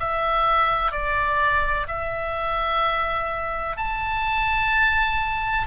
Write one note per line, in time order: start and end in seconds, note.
0.00 0.92 E5
0.92 1.87 D5
1.88 3.77 E5
3.77 5.68 A5